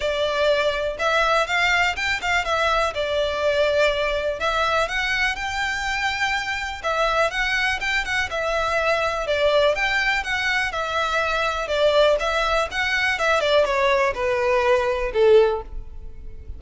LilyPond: \new Staff \with { instrumentName = "violin" } { \time 4/4 \tempo 4 = 123 d''2 e''4 f''4 | g''8 f''8 e''4 d''2~ | d''4 e''4 fis''4 g''4~ | g''2 e''4 fis''4 |
g''8 fis''8 e''2 d''4 | g''4 fis''4 e''2 | d''4 e''4 fis''4 e''8 d''8 | cis''4 b'2 a'4 | }